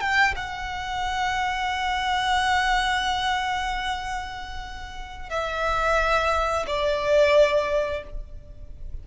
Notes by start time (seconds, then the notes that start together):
0.00 G5
0.36 F#5
5.29 E5
6.66 D5